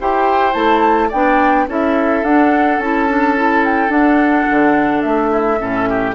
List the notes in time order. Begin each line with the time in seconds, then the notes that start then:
0.00 E4 G4 C5 G5
0.52 A3 E4 A5
1.08 B3 D4 D5 G5
1.68 C#4 E4 A4 E5
2.23 D4 F#5
2.78 C#4 E4 A5
3.08 D4
3.36 E4
3.64 G5
3.89 D4 F#5
4.50 D3
5.01 A3 E5
5.30 E4
5.58 A2 C#4 A4
5.89 G4